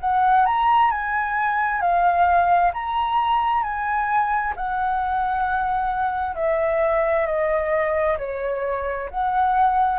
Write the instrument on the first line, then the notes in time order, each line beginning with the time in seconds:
flute
0.00 F#5
0.45 A#5
0.90 G#5
1.81 F5
2.73 A#5
3.62 G#5
4.56 F#5
6.35 E5
7.26 D#5
8.18 C#5
9.10 F#5